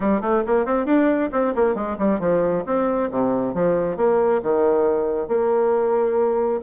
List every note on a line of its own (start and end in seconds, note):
0.00 0.21 G3
0.21 0.43 A3
0.46 0.65 A#3
0.65 0.85 C4
0.85 1.30 D4
1.32 1.54 C4
1.55 1.74 A#3
1.74 1.96 G#3
1.98 2.19 G3
2.19 2.64 F3
2.66 3.10 C4
3.10 3.54 C3
3.54 3.96 F3
3.96 4.41 A#3
4.43 5.28 D#3
5.28 6.60 A#3